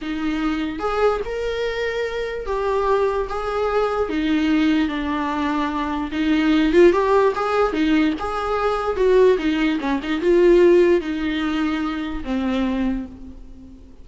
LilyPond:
\new Staff \with { instrumentName = "viola" } { \time 4/4 \tempo 4 = 147 dis'2 gis'4 ais'4~ | ais'2 g'2 | gis'2 dis'2 | d'2. dis'4~ |
dis'8 f'8 g'4 gis'4 dis'4 | gis'2 fis'4 dis'4 | cis'8 dis'8 f'2 dis'4~ | dis'2 c'2 | }